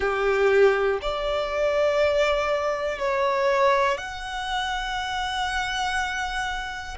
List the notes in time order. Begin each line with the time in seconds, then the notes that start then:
0.00 G4
1.01 D5
2.98 C#5
3.97 F#5